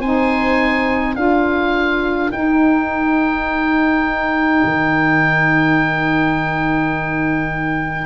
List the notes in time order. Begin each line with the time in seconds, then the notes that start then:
0.00 C4 D#4 C5 G#5
1.16 D4 F4 A#4 F5
2.31 D#4 G5
4.64 D#3